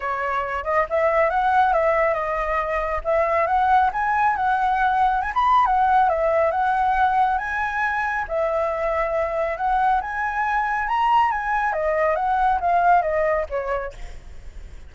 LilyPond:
\new Staff \with { instrumentName = "flute" } { \time 4/4 \tempo 4 = 138 cis''4. dis''8 e''4 fis''4 | e''4 dis''2 e''4 | fis''4 gis''4 fis''2 | gis''16 b''8. fis''4 e''4 fis''4~ |
fis''4 gis''2 e''4~ | e''2 fis''4 gis''4~ | gis''4 ais''4 gis''4 dis''4 | fis''4 f''4 dis''4 cis''4 | }